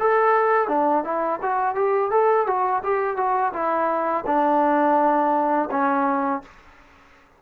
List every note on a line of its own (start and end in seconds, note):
0.00 0.69 A4
0.69 1.04 D4
1.05 1.40 E4
1.43 1.76 F#4
1.76 2.11 G4
2.11 2.47 A4
2.47 2.83 F#4
2.84 3.17 G4
3.17 3.53 F#4
3.54 4.25 E4
4.27 5.70 D4
5.71 6.43 C#4